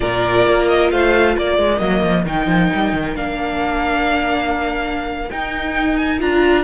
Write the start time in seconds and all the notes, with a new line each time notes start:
0.00 A#2 F4 A#4 D5
0.46 A#3
0.67 D#5
0.91 A3 C5 F5
1.37 A#3 A#4 D5
1.58 G#3
1.78 F#3 A#3 D#5
2.02 F3
2.25 D#3 D#4 G5
2.46 F3
2.73 G3
2.92 D#3
3.15 A#3 D4 F5
5.30 D#4 G5
5.96 G#5
6.20 D4 F4 A#5